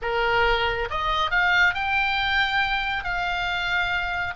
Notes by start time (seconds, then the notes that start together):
0.02 A#4
0.90 D#5
1.30 F5
1.74 G5
3.04 F5